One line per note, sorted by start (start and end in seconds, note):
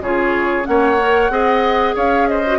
0.00 0.65 C#3
0.00 0.63 F4
0.00 0.67 G#4
0.00 0.65 C#5
0.63 1.29 A#3
0.63 0.95 C#4
0.63 1.32 C#5
0.63 1.94 F#5
1.00 1.31 A#4
1.29 1.94 C4
1.29 2.43 G#4
1.29 1.95 D#5
1.95 2.58 C#4
1.95 2.27 C#5
1.95 2.28 F5
2.28 2.58 C5
2.28 2.58 D#5
2.46 2.58 F#4